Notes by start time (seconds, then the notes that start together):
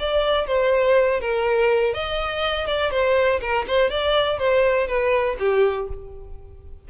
0.00 D5
0.47 C5
1.21 A#4
1.94 D#5
2.67 D5
2.92 C5
3.41 A#4
3.68 C5
3.91 D5
4.39 C5
4.88 B4
5.39 G4